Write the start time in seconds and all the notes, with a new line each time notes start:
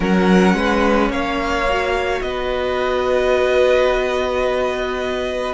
0.00 F#3 C#4 A#4 F#5
0.53 G#3 B4
1.09 A#3 C#5 F5
1.69 F#4
2.21 B3 B4 D#5